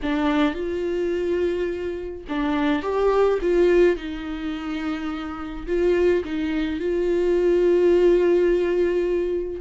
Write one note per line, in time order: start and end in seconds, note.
0.02 0.54 D4
0.54 2.24 F4
2.28 2.82 D4
2.82 3.39 G4
3.41 3.96 F4
3.96 5.66 D#4
5.66 6.23 F4
6.24 6.79 D#4
6.79 9.60 F4